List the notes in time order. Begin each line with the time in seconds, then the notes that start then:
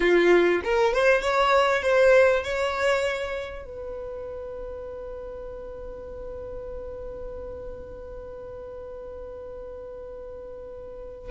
0.00 F4
0.63 A#4
0.93 C5
1.21 C#5
1.82 C5
2.43 C#5
3.65 B4